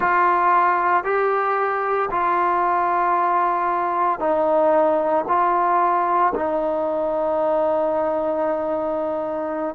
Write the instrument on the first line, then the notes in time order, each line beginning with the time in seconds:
trombone
0.00 F4
1.04 G4
2.11 F4
4.19 D#4
5.27 F4
6.34 D#4